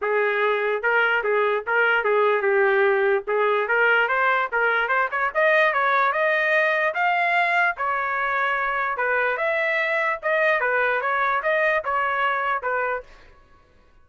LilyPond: \new Staff \with { instrumentName = "trumpet" } { \time 4/4 \tempo 4 = 147 gis'2 ais'4 gis'4 | ais'4 gis'4 g'2 | gis'4 ais'4 c''4 ais'4 | c''8 cis''8 dis''4 cis''4 dis''4~ |
dis''4 f''2 cis''4~ | cis''2 b'4 e''4~ | e''4 dis''4 b'4 cis''4 | dis''4 cis''2 b'4 | }